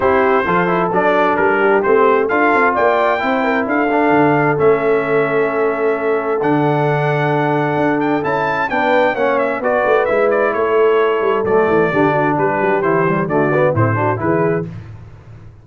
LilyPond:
<<
  \new Staff \with { instrumentName = "trumpet" } { \time 4/4 \tempo 4 = 131 c''2 d''4 ais'4 | c''4 f''4 g''2 | f''2 e''2~ | e''2 fis''2~ |
fis''4. g''8 a''4 g''4 | fis''8 e''8 d''4 e''8 d''8 cis''4~ | cis''4 d''2 b'4 | c''4 d''4 c''4 b'4 | }
  \new Staff \with { instrumentName = "horn" } { \time 4/4 g'4 a'2~ a'8 g'8~ | g'4 a'4 d''4 c''8 ais'8 | a'1~ | a'1~ |
a'2. b'4 | cis''4 b'2 a'4~ | a'2 g'8 fis'8 g'4~ | g'4 fis'4 e'8 fis'8 gis'4 | }
  \new Staff \with { instrumentName = "trombone" } { \time 4/4 e'4 f'8 e'8 d'2 | c'4 f'2 e'4~ | e'8 d'4. cis'2~ | cis'2 d'2~ |
d'2 e'4 d'4 | cis'4 fis'4 e'2~ | e'4 a4 d'2 | e'8 g8 a8 b8 c'8 d'8 e'4 | }
  \new Staff \with { instrumentName = "tuba" } { \time 4/4 c'4 f4 fis4 g4 | a4 d'8 c'8 ais4 c'4 | d'4 d4 a2~ | a2 d2~ |
d4 d'4 cis'4 b4 | ais4 b8 a8 gis4 a4~ | a8 g8 fis8 e8 d4 g8 fis8 | e4 d4 a,4 e4 | }
>>